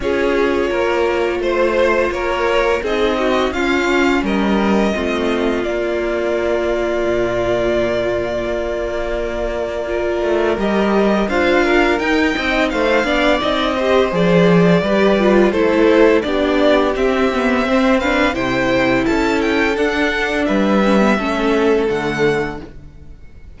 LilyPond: <<
  \new Staff \with { instrumentName = "violin" } { \time 4/4 \tempo 4 = 85 cis''2 c''4 cis''4 | dis''4 f''4 dis''2 | d''1~ | d''2. dis''4 |
f''4 g''4 f''4 dis''4 | d''2 c''4 d''4 | e''4. f''8 g''4 a''8 g''8 | fis''4 e''2 fis''4 | }
  \new Staff \with { instrumentName = "violin" } { \time 4/4 gis'4 ais'4 c''4 ais'4 | gis'8 fis'8 f'4 ais'4 f'4~ | f'1~ | f'2 ais'2 |
c''8 ais'4 dis''8 c''8 d''4 c''8~ | c''4 b'4 a'4 g'4~ | g'4 c''8 b'8 c''4 a'4~ | a'4 b'4 a'2 | }
  \new Staff \with { instrumentName = "viola" } { \time 4/4 f'1 | dis'4 cis'2 c'4 | ais1~ | ais2 f'4 g'4 |
f'4 dis'4. d'8 dis'8 g'8 | gis'4 g'8 f'8 e'4 d'4 | c'8 b8 c'8 d'8 e'2 | d'4. cis'16 b16 cis'4 a4 | }
  \new Staff \with { instrumentName = "cello" } { \time 4/4 cis'4 ais4 a4 ais4 | c'4 cis'4 g4 a4 | ais2 ais,2 | ais2~ ais8 a8 g4 |
d'4 dis'8 c'8 a8 b8 c'4 | f4 g4 a4 b4 | c'2 c4 cis'4 | d'4 g4 a4 d4 | }
>>